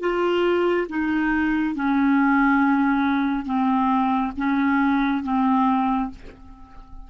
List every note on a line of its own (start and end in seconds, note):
0.00 0.87 F4
0.89 1.75 D#4
1.75 3.45 C#4
3.45 4.32 C4
4.37 5.23 C#4
5.23 6.10 C4